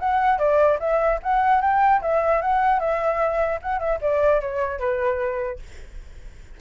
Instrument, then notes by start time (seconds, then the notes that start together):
flute
0.00 F#5
0.39 D5
0.80 E5
1.23 F#5
1.62 G5
2.02 E5
2.42 F#5
2.80 E5
3.62 F#5
3.79 E5
4.01 D5
4.41 C#5
4.80 B4